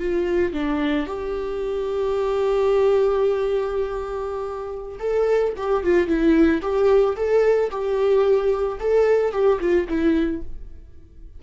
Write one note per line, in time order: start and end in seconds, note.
0.00 0.54 F4
0.54 1.07 D4
1.07 4.99 G4
5.00 5.54 A4
5.57 5.84 G4
5.84 6.08 F4
6.08 6.62 E4
6.62 7.16 G4
7.16 7.71 A4
7.71 8.79 G4
8.80 9.32 A4
9.32 9.59 G4
9.61 9.88 F4
9.89 10.43 E4